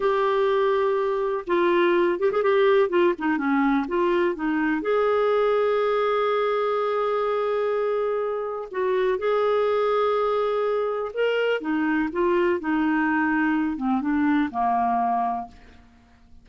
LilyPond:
\new Staff \with { instrumentName = "clarinet" } { \time 4/4 \tempo 4 = 124 g'2. f'4~ | f'8 g'16 gis'16 g'4 f'8 dis'8 cis'4 | f'4 dis'4 gis'2~ | gis'1~ |
gis'2 fis'4 gis'4~ | gis'2. ais'4 | dis'4 f'4 dis'2~ | dis'8 c'8 d'4 ais2 | }